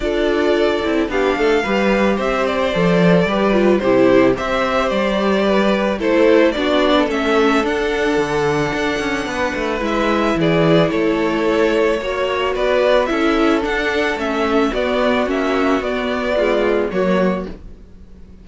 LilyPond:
<<
  \new Staff \with { instrumentName = "violin" } { \time 4/4 \tempo 4 = 110 d''2 f''2 | e''8 d''2~ d''8 c''4 | e''4 d''2 c''4 | d''4 e''4 fis''2~ |
fis''2 e''4 d''4 | cis''2. d''4 | e''4 fis''4 e''4 d''4 | e''4 d''2 cis''4 | }
  \new Staff \with { instrumentName = "violin" } { \time 4/4 a'2 g'8 a'8 b'4 | c''2 b'4 g'4 | c''2 b'4 a'4 | fis'8. a'2.~ a'16~ |
a'4 b'2 gis'4 | a'2 cis''4 b'4 | a'2. fis'4~ | fis'2 f'4 fis'4 | }
  \new Staff \with { instrumentName = "viola" } { \time 4/4 f'4. e'8 d'4 g'4~ | g'4 a'4 g'8 f'8 e'4 | g'2. e'4 | d'4 cis'4 d'2~ |
d'2 e'2~ | e'2 fis'2 | e'4 d'4 cis'4 b4 | cis'4 b4 gis4 ais4 | }
  \new Staff \with { instrumentName = "cello" } { \time 4/4 d'4. c'8 b8 a8 g4 | c'4 f4 g4 c4 | c'4 g2 a4 | b4 a4 d'4 d4 |
d'8 cis'8 b8 a8 gis4 e4 | a2 ais4 b4 | cis'4 d'4 a4 b4 | ais4 b2 fis4 | }
>>